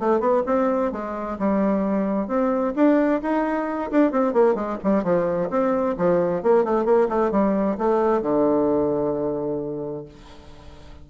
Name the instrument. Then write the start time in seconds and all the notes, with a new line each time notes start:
bassoon
0.00 A3
0.20 B3
0.47 C4
0.92 G#3
1.39 G3
2.28 C4
2.76 D4
3.22 D#4
3.91 D4
4.12 C4
4.34 A#3
4.55 G#3
4.84 G3
5.04 F3
5.50 C4
5.98 F3
6.43 A#3
6.65 A3
6.86 A#3
7.09 A3
7.32 G3
7.78 A3
8.23 D3